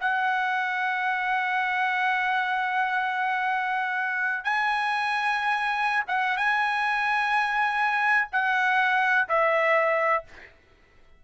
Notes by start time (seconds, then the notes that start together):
0.00 F#5
4.44 G#5
6.08 F#5
6.37 G#5
8.32 F#5
9.28 E5